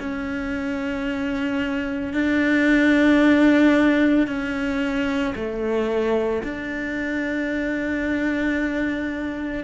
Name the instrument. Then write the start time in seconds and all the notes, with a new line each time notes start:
cello
0.00 C#4
2.14 D4
4.27 C#4
5.36 A3
6.44 D4